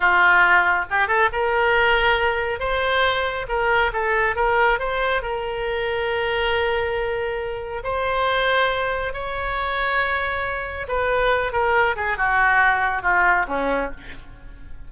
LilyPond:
\new Staff \with { instrumentName = "oboe" } { \time 4/4 \tempo 4 = 138 f'2 g'8 a'8 ais'4~ | ais'2 c''2 | ais'4 a'4 ais'4 c''4 | ais'1~ |
ais'2 c''2~ | c''4 cis''2.~ | cis''4 b'4. ais'4 gis'8 | fis'2 f'4 cis'4 | }